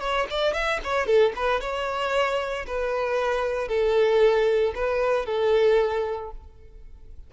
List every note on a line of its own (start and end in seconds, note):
0.00 0.26 C#5
0.30 0.53 D5
0.53 0.79 E5
0.84 1.06 C#5
1.06 1.32 A4
1.36 1.61 B4
1.61 2.66 C#5
2.67 3.68 B4
3.68 4.73 A4
4.75 5.26 B4
5.26 6.31 A4